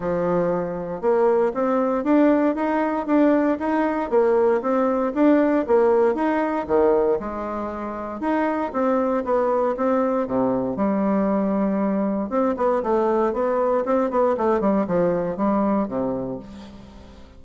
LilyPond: \new Staff \with { instrumentName = "bassoon" } { \time 4/4 \tempo 4 = 117 f2 ais4 c'4 | d'4 dis'4 d'4 dis'4 | ais4 c'4 d'4 ais4 | dis'4 dis4 gis2 |
dis'4 c'4 b4 c'4 | c4 g2. | c'8 b8 a4 b4 c'8 b8 | a8 g8 f4 g4 c4 | }